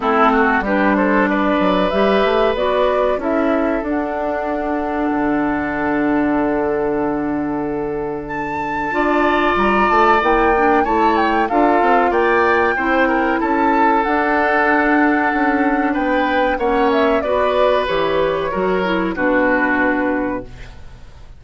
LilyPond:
<<
  \new Staff \with { instrumentName = "flute" } { \time 4/4 \tempo 4 = 94 a'4 b'8 c''8 d''4 e''4 | d''4 e''4 fis''2~ | fis''1~ | fis''4 a''2 ais''8 a''8 |
g''4 a''8 g''8 f''4 g''4~ | g''4 a''4 fis''2~ | fis''4 g''4 fis''8 e''8 d''4 | cis''2 b'2 | }
  \new Staff \with { instrumentName = "oboe" } { \time 4/4 e'8 fis'8 g'8 a'8 b'2~ | b'4 a'2.~ | a'1~ | a'2 d''2~ |
d''4 cis''4 a'4 d''4 | c''8 ais'8 a'2.~ | a'4 b'4 cis''4 b'4~ | b'4 ais'4 fis'2 | }
  \new Staff \with { instrumentName = "clarinet" } { \time 4/4 c'4 d'2 g'4 | fis'4 e'4 d'2~ | d'1~ | d'2 f'2 |
e'8 d'8 e'4 f'2 | e'2 d'2~ | d'2 cis'4 fis'4 | g'4 fis'8 e'8 d'2 | }
  \new Staff \with { instrumentName = "bassoon" } { \time 4/4 a4 g4. fis8 g8 a8 | b4 cis'4 d'2 | d1~ | d2 d'4 g8 a8 |
ais4 a4 d'8 c'8 ais4 | c'4 cis'4 d'2 | cis'4 b4 ais4 b4 | e4 fis4 b,2 | }
>>